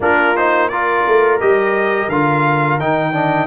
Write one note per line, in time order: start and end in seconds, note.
0.00 1.04 A#3
0.00 0.35 D4
0.00 0.70 F4
0.00 0.36 A#4
0.36 0.71 D#4
0.36 0.68 C5
0.68 1.40 F4
0.68 3.14 A#4
0.68 1.38 D5
1.06 1.41 A3
1.40 2.08 G3
1.40 2.09 G4
1.40 2.09 D#5
2.08 2.78 D3
2.08 2.80 F4
2.08 2.79 F5
2.78 3.47 D#3
2.78 3.12 D#4
2.78 3.47 G5
3.12 3.47 D4
3.12 3.47 D#5